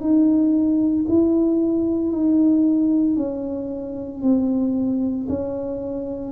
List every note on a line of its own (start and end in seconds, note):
0.00 1.05 D#4
1.08 2.11 E4
2.11 3.16 D#4
3.16 4.22 C#4
4.22 5.27 C4
5.28 6.32 C#4